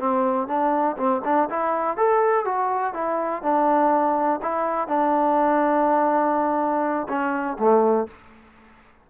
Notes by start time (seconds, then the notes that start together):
0.00 C4
0.48 D4
0.98 C4
1.25 D4
1.51 E4
1.98 A4
2.46 F#4
2.94 E4
3.43 D4
4.43 E4
4.88 D4
7.09 C#4
7.59 A3